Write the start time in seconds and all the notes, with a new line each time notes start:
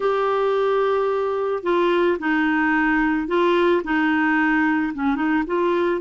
0.00 G4
1.63 F4
2.19 D#4
3.27 F4
3.83 D#4
4.94 C#4
5.15 D#4
5.46 F4